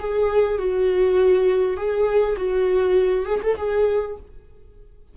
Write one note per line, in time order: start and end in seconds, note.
0.00 0.59 G#4
0.59 1.77 F#4
1.77 2.36 G#4
2.37 3.26 F#4
3.26 3.41 G#4
3.43 3.58 A4
3.58 4.17 G#4